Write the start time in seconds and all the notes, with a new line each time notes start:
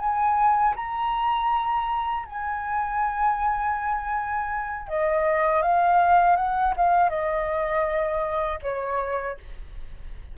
0.00 G#5
0.76 A#5
2.26 G#5
4.89 D#5
5.62 F5
6.37 F#5
6.77 F5
7.10 D#5
8.63 C#5